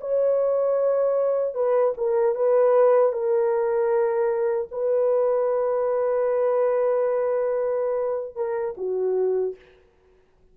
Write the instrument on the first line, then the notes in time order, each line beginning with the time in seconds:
horn
0.00 C#5
1.54 B4
1.97 A#4
2.35 B4
3.12 A#4
4.71 B4
8.36 A#4
8.77 F#4